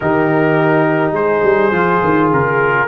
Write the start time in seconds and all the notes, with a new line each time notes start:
0.00 D#3 D#4 G4 A#4
1.11 G#3 G#4 C5
1.43 G3
1.71 F3 F4
2.03 D#3
2.32 C#3 A#4